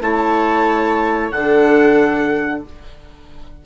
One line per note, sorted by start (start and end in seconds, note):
0.00 1.30 A3
0.00 1.31 E4
0.00 1.33 C#5
0.00 1.31 A5
1.31 2.62 D3
1.31 2.65 D4
1.31 2.63 A4
1.31 2.61 F#5